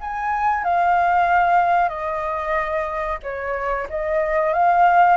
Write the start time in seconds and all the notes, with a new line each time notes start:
0.00 G#5
0.64 F5
1.89 D#5
3.22 C#5
3.89 D#5
4.53 F5